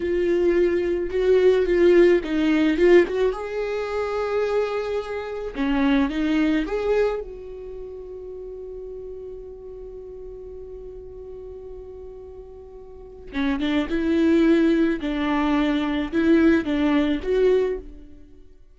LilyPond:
\new Staff \with { instrumentName = "viola" } { \time 4/4 \tempo 4 = 108 f'2 fis'4 f'4 | dis'4 f'8 fis'8 gis'2~ | gis'2 cis'4 dis'4 | gis'4 fis'2.~ |
fis'1~ | fis'1 | cis'8 d'8 e'2 d'4~ | d'4 e'4 d'4 fis'4 | }